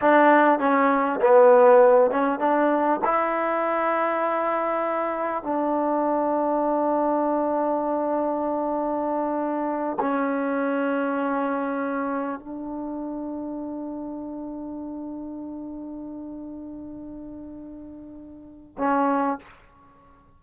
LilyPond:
\new Staff \with { instrumentName = "trombone" } { \time 4/4 \tempo 4 = 99 d'4 cis'4 b4. cis'8 | d'4 e'2.~ | e'4 d'2.~ | d'1~ |
d'8 cis'2.~ cis'8~ | cis'8 d'2.~ d'8~ | d'1~ | d'2. cis'4 | }